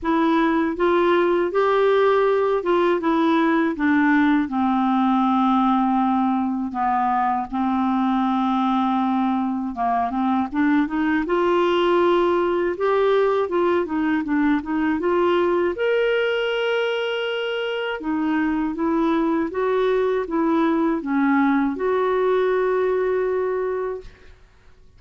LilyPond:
\new Staff \with { instrumentName = "clarinet" } { \time 4/4 \tempo 4 = 80 e'4 f'4 g'4. f'8 | e'4 d'4 c'2~ | c'4 b4 c'2~ | c'4 ais8 c'8 d'8 dis'8 f'4~ |
f'4 g'4 f'8 dis'8 d'8 dis'8 | f'4 ais'2. | dis'4 e'4 fis'4 e'4 | cis'4 fis'2. | }